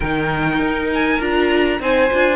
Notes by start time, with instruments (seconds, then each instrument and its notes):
0.00 cello D#3, viola D#4, violin A#4 G5
0.59 cello D#4
0.93 violin G#5
1.19 cello D4, viola F4, violin A#5
1.79 cello C4, viola D#4, violin C5 G#5
2.12 cello D4, viola F4